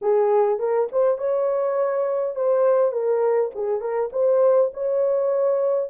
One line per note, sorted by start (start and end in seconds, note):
0.01 0.59 G#4
0.59 0.88 A#4
0.92 1.18 C5
1.18 2.35 C#5
2.35 2.92 C5
2.92 3.51 A#4
3.55 3.80 G#4
3.80 4.10 A#4
4.12 4.71 C5
4.73 5.90 C#5